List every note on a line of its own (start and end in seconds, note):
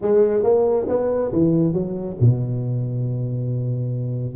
0.01 0.43 G#3
0.43 0.86 A#3
0.88 1.32 B3
1.32 1.73 E3
1.73 2.16 F#3
2.20 4.35 B2